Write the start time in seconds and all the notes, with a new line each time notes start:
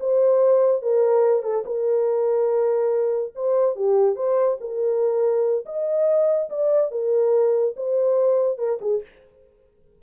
0.00 C5
0.82 A#4
1.43 A4
1.66 A#4
3.35 C5
3.75 G4
4.16 C5
4.60 A#4
5.65 D#5
6.49 D5
6.91 A#4
7.76 C5
8.58 A#4
8.81 G#4